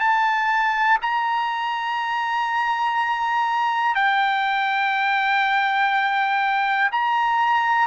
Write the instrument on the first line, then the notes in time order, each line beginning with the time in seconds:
trumpet
0.00 A5
1.02 A#5
3.95 G5
6.92 A#5